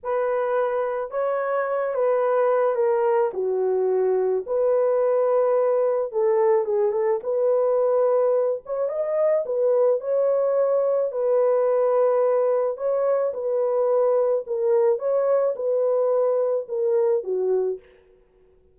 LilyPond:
\new Staff \with { instrumentName = "horn" } { \time 4/4 \tempo 4 = 108 b'2 cis''4. b'8~ | b'4 ais'4 fis'2 | b'2. a'4 | gis'8 a'8 b'2~ b'8 cis''8 |
dis''4 b'4 cis''2 | b'2. cis''4 | b'2 ais'4 cis''4 | b'2 ais'4 fis'4 | }